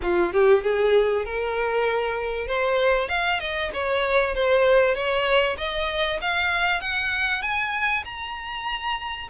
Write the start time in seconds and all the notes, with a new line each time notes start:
0.02 F4
0.33 G4
0.63 G#4
1.25 A#4
2.47 C5
3.08 F5
3.39 D#5
3.73 C#5
4.34 C5
4.94 C#5
5.57 D#5
6.21 F5
6.80 F#5
7.41 G#5
8.04 A#5